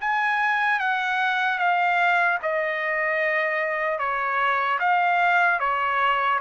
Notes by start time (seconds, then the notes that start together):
0.00 G#5
0.79 F#5
1.58 F5
2.42 D#5
3.99 C#5
4.79 F5
5.59 C#5